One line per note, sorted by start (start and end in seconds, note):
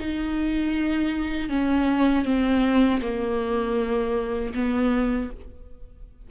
0.00 1.50 D#4
1.50 2.25 C#4
2.25 3.01 C4
3.02 4.54 A#3
4.55 5.31 B3